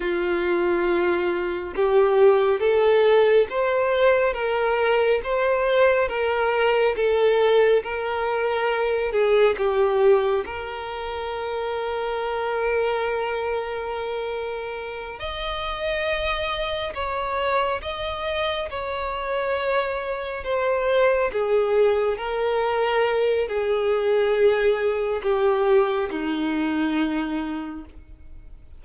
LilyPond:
\new Staff \with { instrumentName = "violin" } { \time 4/4 \tempo 4 = 69 f'2 g'4 a'4 | c''4 ais'4 c''4 ais'4 | a'4 ais'4. gis'8 g'4 | ais'1~ |
ais'4. dis''2 cis''8~ | cis''8 dis''4 cis''2 c''8~ | c''8 gis'4 ais'4. gis'4~ | gis'4 g'4 dis'2 | }